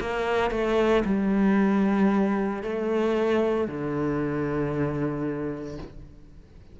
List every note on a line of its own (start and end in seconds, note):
0.00 0.51 A#3
0.51 1.03 A3
1.05 2.63 G3
2.63 3.67 A3
3.67 5.78 D3